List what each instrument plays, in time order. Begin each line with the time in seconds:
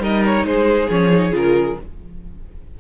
0.00 cello G3, viola D#4, violin A#4 D#5
0.25 violin C#5
0.44 cello G#3, violin G#4 C5
0.90 cello F3, viola C#4, violin C#5
1.12 viola D#4
1.32 cello C#3, viola F4, violin A#4